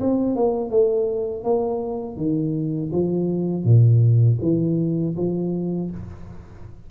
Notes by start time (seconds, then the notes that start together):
0.00 C4
0.35 A#3
0.70 A3
1.43 A#3
2.16 D#3
2.92 F3
3.64 A#2
4.41 E3
5.16 F3